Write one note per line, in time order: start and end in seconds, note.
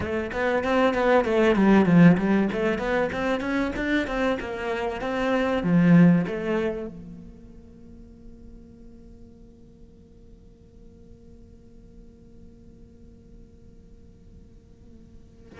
0.00 0.30 A3
0.32 0.63 B3
0.63 0.94 C4
0.94 1.24 B3
1.24 1.55 A3
1.55 1.85 G3
1.85 2.16 F3
2.17 2.48 G3
2.52 2.78 A3
2.78 3.09 B3
3.12 3.40 C4
3.40 3.71 C#4
3.76 4.07 D4
4.07 4.38 C4
4.39 5.01 A#3
5.01 5.63 C4
5.63 6.25 F3
6.27 6.87 A3
6.87 15.59 A#3